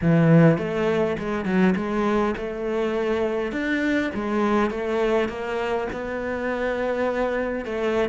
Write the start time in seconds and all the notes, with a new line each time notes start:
0.01 E3
0.58 A3
1.18 G#3
1.45 F#3
1.76 G#3
2.37 A3
3.52 D4
4.14 G#3
4.70 A3
5.29 A#3
5.92 B3
7.65 A3